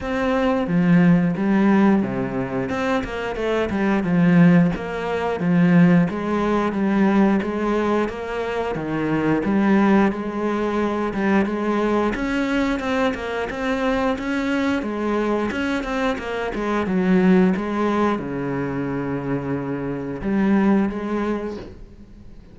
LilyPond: \new Staff \with { instrumentName = "cello" } { \time 4/4 \tempo 4 = 89 c'4 f4 g4 c4 | c'8 ais8 a8 g8 f4 ais4 | f4 gis4 g4 gis4 | ais4 dis4 g4 gis4~ |
gis8 g8 gis4 cis'4 c'8 ais8 | c'4 cis'4 gis4 cis'8 c'8 | ais8 gis8 fis4 gis4 cis4~ | cis2 g4 gis4 | }